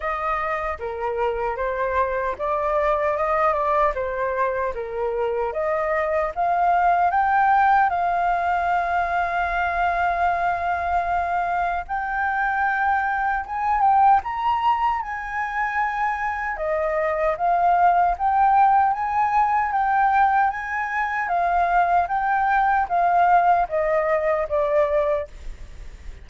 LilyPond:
\new Staff \with { instrumentName = "flute" } { \time 4/4 \tempo 4 = 76 dis''4 ais'4 c''4 d''4 | dis''8 d''8 c''4 ais'4 dis''4 | f''4 g''4 f''2~ | f''2. g''4~ |
g''4 gis''8 g''8 ais''4 gis''4~ | gis''4 dis''4 f''4 g''4 | gis''4 g''4 gis''4 f''4 | g''4 f''4 dis''4 d''4 | }